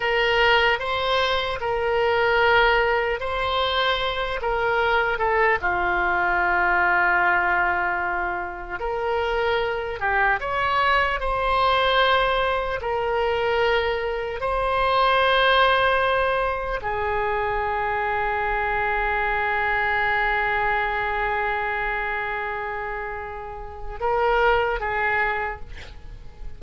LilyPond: \new Staff \with { instrumentName = "oboe" } { \time 4/4 \tempo 4 = 75 ais'4 c''4 ais'2 | c''4. ais'4 a'8 f'4~ | f'2. ais'4~ | ais'8 g'8 cis''4 c''2 |
ais'2 c''2~ | c''4 gis'2.~ | gis'1~ | gis'2 ais'4 gis'4 | }